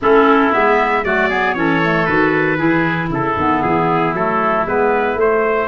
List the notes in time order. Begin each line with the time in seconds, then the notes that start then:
0.01 A3 C#4 E4 A4
0.52 G#3 B3 E5
1.03 F#3 A3 F#4 D5
1.28 B3 G#4
1.53 E3 C#4 A4 C#5
1.83 A3
2.05 D#3 F#4 B4
2.57 E3 E4 G#4
3.09 C#3 E4 A4
3.36 D#3 B3
3.62 E3 G#4
4.13 F#3 A3 A4
4.65 G#3 B3 B4
5.15 A3 C5